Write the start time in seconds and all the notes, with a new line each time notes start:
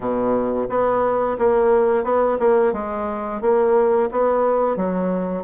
0.00 B2
0.68 B3
1.38 A#3
2.04 B3
2.39 A#3
2.72 G#3
3.41 A#3
4.11 B3
4.76 F#3